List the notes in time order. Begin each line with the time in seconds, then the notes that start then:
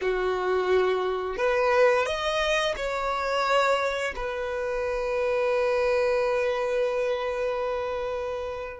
0.01 F#4
1.37 B4
2.05 D#5
2.76 C#5
4.15 B4